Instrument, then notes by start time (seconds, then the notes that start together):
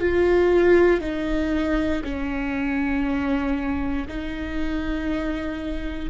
viola
0.00 F4
1.00 D#4
2.04 C#4
4.08 D#4